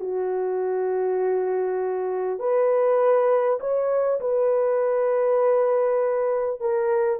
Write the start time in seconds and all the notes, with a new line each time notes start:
0.00 F#4
2.39 B4
3.60 C#5
4.20 B4
6.60 A#4